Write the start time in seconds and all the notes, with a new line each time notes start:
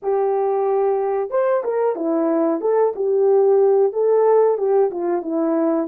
0.02 G4
1.30 C5
1.63 A#4
1.95 E4
2.61 A4
2.95 G4
3.92 A4
4.57 G4
4.91 F4
5.21 E4